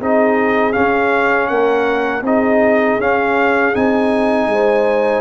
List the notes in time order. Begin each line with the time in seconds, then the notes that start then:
0.00 C4 D#4 G#4 D#5
0.72 C#4 F5
1.47 A#3 A#4 F#5
2.21 C4 D#4 G#4 D#5
2.98 C#4 F5
3.74 C4 D#4 G#5
4.46 G#3 C5